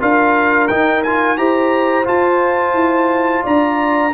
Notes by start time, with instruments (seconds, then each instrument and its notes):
0.00 tuba D4, trombone F4, horn A#4, trumpet F5
0.68 trombone D#4, tuba D#4, trumpet G5
1.03 trombone F4, trumpet G#5
1.37 tuba E4, trombone G4, horn C5, trumpet A#5
2.04 trombone F4, tuba F4, trumpet A5
2.74 tuba E4
3.43 tuba D4, horn D5, trumpet A#5